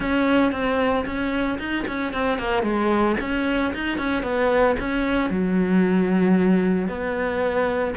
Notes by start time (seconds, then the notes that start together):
0.00 C#4
0.52 C4
1.05 C#4
1.58 D#4
1.87 C#4
2.13 C4
2.38 A#3
2.62 G#3
3.20 C#4
3.74 D#4
3.98 C#4
4.22 B3
4.79 C#4
5.30 F#3
6.88 B3